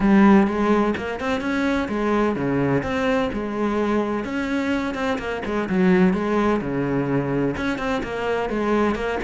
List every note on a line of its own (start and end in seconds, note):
0.00 0.47 G3
0.47 0.94 G#3
0.96 1.20 A#3
1.20 1.40 C4
1.40 1.88 C#4
1.88 2.35 G#3
2.35 2.82 C#3
2.82 3.29 C4
3.32 4.24 G#3
4.24 4.94 C#4
4.94 5.18 C4
5.18 5.42 A#3
5.45 5.68 G#3
5.69 6.13 F#3
6.13 6.60 G#3
6.61 7.55 C#3
7.56 7.78 C#4
7.78 8.02 C4
8.03 8.49 A#3
8.49 8.95 G#3
8.95 9.18 A#3